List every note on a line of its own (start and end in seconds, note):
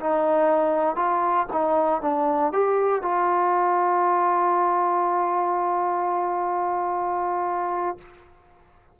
0.00 0.96 D#4
0.96 1.47 F4
1.53 2.02 D#4
2.02 2.53 D4
2.53 3.02 G4
3.02 7.98 F4